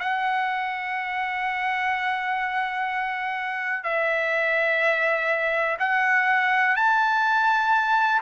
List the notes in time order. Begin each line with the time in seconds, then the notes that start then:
0.00 F#5
3.84 E5
5.80 F#5
6.77 A5